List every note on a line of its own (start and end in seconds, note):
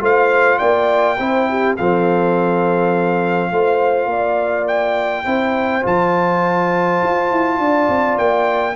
0.00 0.59 A3
0.00 1.17 F4
0.00 0.58 C5
0.00 0.58 F5
0.58 1.19 A#3
0.58 1.17 D5
0.58 1.75 G5
1.19 1.77 C4
1.19 1.77 E4
1.19 1.48 C5
1.50 1.76 G4
1.76 3.51 F3
1.76 3.52 C4
1.76 3.51 A4
1.76 4.67 F5
3.51 4.06 A3
3.51 5.25 F4
3.51 4.10 C5
4.06 5.22 A#3
4.06 5.24 D5
4.67 5.84 G5
5.24 5.84 C4
5.24 5.82 E4
5.24 7.57 C5
5.82 7.02 F3
5.82 8.74 F4
5.82 8.18 A5
7.02 7.31 F4
7.31 7.59 E4
7.59 7.88 D4
7.59 8.75 D5
7.88 8.17 C4
8.18 8.75 A#3
8.18 8.75 G5